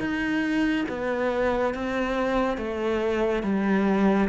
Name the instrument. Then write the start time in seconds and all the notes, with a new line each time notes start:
cello
0.00 D#4
0.89 B3
1.74 C4
2.58 A3
3.43 G3